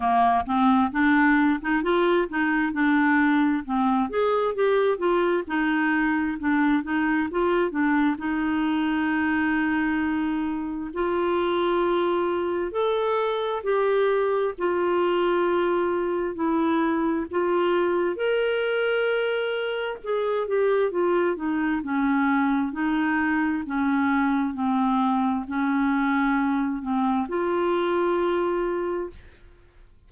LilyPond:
\new Staff \with { instrumentName = "clarinet" } { \time 4/4 \tempo 4 = 66 ais8 c'8 d'8. dis'16 f'8 dis'8 d'4 | c'8 gis'8 g'8 f'8 dis'4 d'8 dis'8 | f'8 d'8 dis'2. | f'2 a'4 g'4 |
f'2 e'4 f'4 | ais'2 gis'8 g'8 f'8 dis'8 | cis'4 dis'4 cis'4 c'4 | cis'4. c'8 f'2 | }